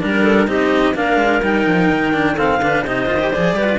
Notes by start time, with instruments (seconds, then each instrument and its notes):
0.00 cello G3 D4, clarinet A#4
0.23 clarinet A4
0.47 cello C4 D#4, clarinet G4 D#5
0.94 cello A#3 D4, clarinet A#4 F5
1.17 cello G#3
1.42 cello G3 D#4, clarinet G5
1.66 cello F3
1.91 cello D#3
2.13 cello D4
2.34 cello C4, clarinet A4 F5
2.58 cello D3 D4, clarinet B4
2.84 cello C3 D#4, clarinet C5 D#5
3.06 cello D#3 F4
3.19 cello G4
3.32 cello F3 G#4, clarinet D5
3.53 cello G3 G4, clarinet B4
3.64 cello F4